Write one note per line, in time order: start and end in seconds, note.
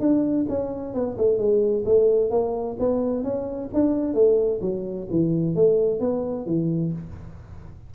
0.00 0.46 D4
0.49 0.94 C#4
0.94 1.17 B3
1.18 1.38 A3
1.38 1.84 G#3
1.85 2.31 A3
2.31 2.77 A#3
2.79 3.23 B3
3.23 3.70 C#4
3.74 4.14 D4
4.14 4.60 A3
4.61 5.07 F#3
5.10 5.55 E3
5.55 6.00 A3
6.00 6.46 B3
6.46 6.92 E3